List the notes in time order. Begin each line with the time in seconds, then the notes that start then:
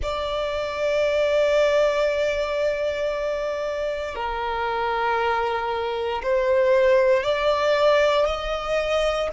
0.02 D5
4.15 A#4
6.23 C5
7.23 D5
8.25 D#5